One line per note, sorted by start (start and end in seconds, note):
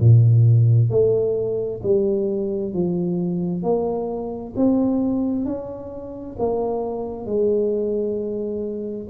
0.00 0.90 A#2
0.90 1.81 A3
1.83 2.73 G3
2.73 3.63 F3
3.63 4.54 A#3
4.56 5.45 C4
5.45 6.36 C#4
6.39 7.26 A#3
7.26 9.07 G#3